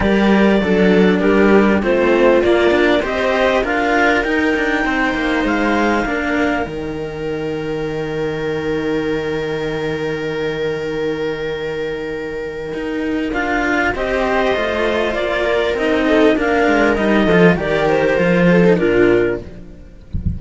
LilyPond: <<
  \new Staff \with { instrumentName = "clarinet" } { \time 4/4 \tempo 4 = 99 d''2 ais'4 c''4 | d''4 dis''4 f''4 g''4~ | g''4 f''2 g''4~ | g''1~ |
g''1~ | g''2 f''4 dis''4~ | dis''4 d''4 dis''4 f''4 | dis''4 d''8 c''4. ais'4 | }
  \new Staff \with { instrumentName = "viola" } { \time 4/4 ais'4 a'4 g'4 f'4~ | f'4 c''4 ais'2 | c''2 ais'2~ | ais'1~ |
ais'1~ | ais'2. c''4~ | c''4. ais'4 a'8 ais'4~ | ais'8 a'8 ais'4. a'8 f'4 | }
  \new Staff \with { instrumentName = "cello" } { \time 4/4 g'4 d'2 c'4 | ais8 d'8 g'4 f'4 dis'4~ | dis'2 d'4 dis'4~ | dis'1~ |
dis'1~ | dis'2 f'4 g'4 | f'2 dis'4 d'4 | dis'8 f'8 g'4 f'8. dis'16 d'4 | }
  \new Staff \with { instrumentName = "cello" } { \time 4/4 g4 fis4 g4 a4 | ais4 c'4 d'4 dis'8 d'8 | c'8 ais8 gis4 ais4 dis4~ | dis1~ |
dis1~ | dis4 dis'4 d'4 c'4 | a4 ais4 c'4 ais8 gis8 | g8 f8 dis4 f4 ais,4 | }
>>